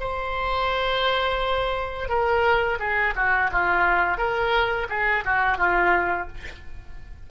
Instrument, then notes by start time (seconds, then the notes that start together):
oboe
0.00 C5
2.09 A#4
2.79 G#4
3.16 F#4
3.52 F4
4.18 A#4
4.90 G#4
5.25 F#4
5.58 F4